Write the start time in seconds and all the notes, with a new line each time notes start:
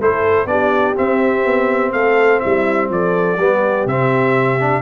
0.00 A3 E4 A4 C5
0.46 B3 D4 G4 D5
0.95 C4 E5
1.44 B3
1.92 A3 A4 F5
2.40 G3 E4 E5
2.89 F3 A4 D5
3.37 G3 B3 G4
3.85 C3 C4 E5
4.59 D4